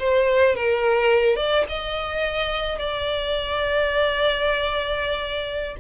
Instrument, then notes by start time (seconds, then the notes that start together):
violin
0.00 C5
0.56 A#4
1.37 D5
1.69 D#5
2.79 D5